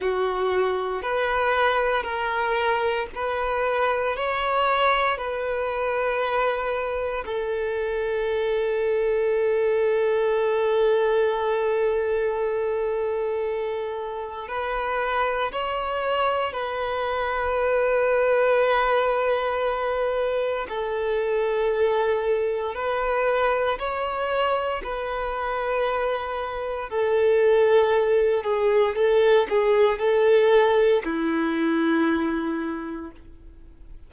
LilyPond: \new Staff \with { instrumentName = "violin" } { \time 4/4 \tempo 4 = 58 fis'4 b'4 ais'4 b'4 | cis''4 b'2 a'4~ | a'1~ | a'2 b'4 cis''4 |
b'1 | a'2 b'4 cis''4 | b'2 a'4. gis'8 | a'8 gis'8 a'4 e'2 | }